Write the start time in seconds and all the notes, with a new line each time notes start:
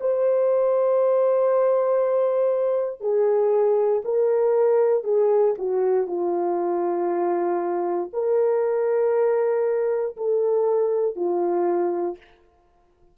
0.00 C5
3.00 G#4
4.04 A#4
5.03 G#4
5.58 F#4
6.07 F4
8.13 A#4
10.16 A4
11.16 F4